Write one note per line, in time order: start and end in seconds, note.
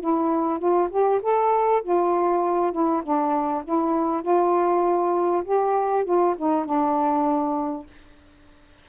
0.00 0.58 E4
0.58 0.89 F4
0.90 1.21 G4
1.22 1.82 A4
1.83 2.72 F4
2.72 3.02 E4
3.03 3.63 D4
3.64 4.22 E4
4.22 5.43 F4
5.44 6.05 G4
6.05 6.35 F4
6.38 6.65 D#4
6.65 7.86 D4